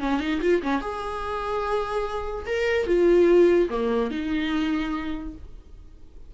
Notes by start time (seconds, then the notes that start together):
0.00 C#4
0.20 D#4
0.41 F4
0.62 C#4
0.81 G#4
2.47 A#4
2.87 F4
3.70 A#3
4.11 D#4